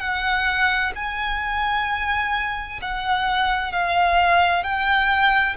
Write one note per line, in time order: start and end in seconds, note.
0.00 0.92 F#5
0.96 2.80 G#5
2.82 3.73 F#5
3.73 4.64 F5
4.64 5.56 G5